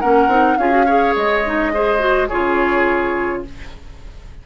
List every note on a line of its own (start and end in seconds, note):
0.00 0.27 A#3
0.00 0.29 C#4
0.00 0.57 A#4
0.00 0.57 F#5
0.27 0.56 C4
0.27 0.58 D#4
0.57 1.15 C#4
0.57 0.70 F4
0.57 0.86 G#4
0.57 1.14 F5
0.70 0.85 F#4
0.86 1.44 G#4
0.86 1.71 C#5
1.16 2.30 G#3
1.16 2.28 D#5
1.45 1.73 D#4
1.73 1.99 G#4
1.73 2.28 C5
1.99 2.27 F#4
2.28 3.46 C#3
2.28 3.45 F4
2.28 3.42 G#4
2.28 3.42 C#5